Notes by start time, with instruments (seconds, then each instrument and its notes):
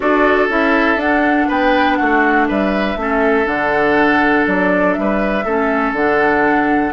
0.00 bassoon D4, clarinet F#4, oboe A4, flute D5
0.48 bassoon C#4, clarinet E4, flute E5
0.96 bassoon D4, clarinet D4, flute F#5
1.48 bassoon B3, oboe B4, flute G5
1.95 bassoon A3, oboe F#4, flute F#5
2.47 bassoon G3, oboe B4, flute E5
2.96 bassoon A3, clarinet C#4, oboe A4
3.44 bassoon D3, clarinet D4, flute F#5
4.47 bassoon F#3, flute D5
4.93 bassoon G3, flute E5
5.00 oboe B4
5.44 bassoon A3, clarinet C#4, oboe A4
5.92 bassoon D3, clarinet D4, flute F#5